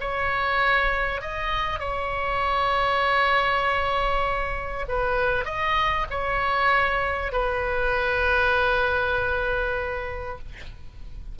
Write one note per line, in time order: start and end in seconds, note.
0.00 1.21 C#5
1.21 1.79 D#5
1.79 4.85 C#5
4.88 5.45 B4
5.45 6.06 D#5
6.10 7.32 C#5
7.32 10.38 B4